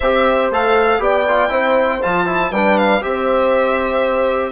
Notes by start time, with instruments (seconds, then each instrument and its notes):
0.00 bassoon C4, trombone G4, horn C5, violin E5
0.50 bassoon A3, trombone A4, violin F5
0.98 bassoon B3, trombone G4, horn D5, violin G5
1.28 trombone F4
1.49 bassoon C4, trombone E4, horn C5
2.02 bassoon F3, trombone F4, violin A5
2.26 trombone E4
2.51 bassoon G3, trombone D4, horn B4, violin G5
2.77 violin F5
3.01 bassoon C4, trombone G4, horn C5, violin E5